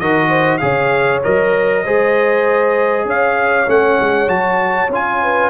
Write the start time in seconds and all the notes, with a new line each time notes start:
0.00 D#3 F#4 A#4 D#5
0.29 C5
0.58 C#3 G#4 C#5 F5
1.24 F#3 A#4 D#5
1.84 G#3 G#4 C5
3.05 C#4 C#5 F5
3.67 A3 C#4 F#5
4.01 G#3
4.27 F#3 F#4 A5
4.89 C#4 F4 G#5
5.22 B4